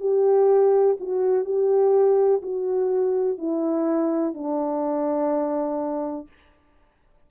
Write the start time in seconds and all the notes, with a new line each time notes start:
0.00 G4
1.00 F#4
1.45 G4
2.42 F#4
3.38 E4
4.34 D4